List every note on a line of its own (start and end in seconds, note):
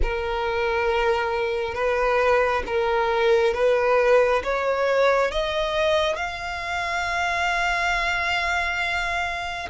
0.02 1.74 A#4
1.74 2.62 B4
2.66 3.54 A#4
3.54 4.42 B4
4.43 5.31 C#5
5.31 6.16 D#5
6.16 9.69 F5